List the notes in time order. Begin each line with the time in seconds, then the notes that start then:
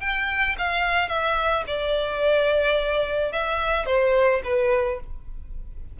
0.00 G5
0.58 F5
1.08 E5
1.67 D5
3.32 E5
3.86 C5
4.44 B4